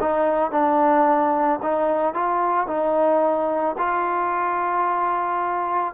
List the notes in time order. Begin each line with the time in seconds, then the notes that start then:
0.00 D#4
0.51 D4
1.62 D#4
2.14 F4
2.67 D#4
3.78 F4